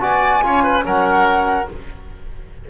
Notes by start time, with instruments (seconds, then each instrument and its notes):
0.00 double bass B3, trombone F#4, oboe D5, flute G#5
0.42 double bass C#4, trombone F4, oboe C#5
0.63 oboe B4
0.82 double bass F#3, trombone C#4, oboe A#4, flute F#5